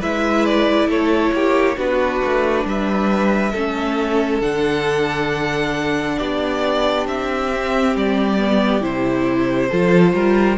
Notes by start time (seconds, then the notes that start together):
0.00 G#3 E4 B4 E5
0.46 D5
0.87 A3 A4 C#5
1.33 A#3 G4
1.77 B3 D4 F#4 B4
2.25 A3
2.65 G3 B4 E5
3.52 A3 C#4 A4
4.41 D3 D4 F#5
6.19 B3 G4 D5
7.08 C4 E5
7.54 C4
7.95 G3 D5
8.38 B3
8.81 C3 E4 C5
9.69 F3 F4 A4
10.14 G3 A#4